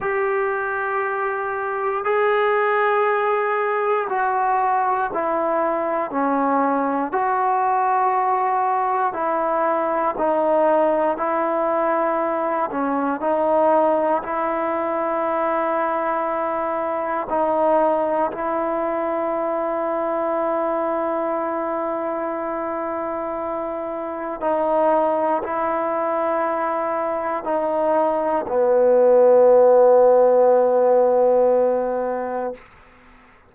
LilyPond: \new Staff \with { instrumentName = "trombone" } { \time 4/4 \tempo 4 = 59 g'2 gis'2 | fis'4 e'4 cis'4 fis'4~ | fis'4 e'4 dis'4 e'4~ | e'8 cis'8 dis'4 e'2~ |
e'4 dis'4 e'2~ | e'1 | dis'4 e'2 dis'4 | b1 | }